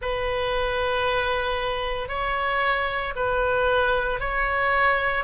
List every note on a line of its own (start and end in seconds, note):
0.01 2.08 B4
2.08 3.13 C#5
3.15 4.20 B4
4.20 5.24 C#5